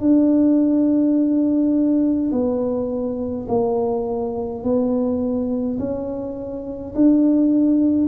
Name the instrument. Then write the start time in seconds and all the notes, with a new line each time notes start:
tuba
0.00 D4
2.32 B3
3.48 A#3
4.63 B3
5.78 C#4
6.95 D4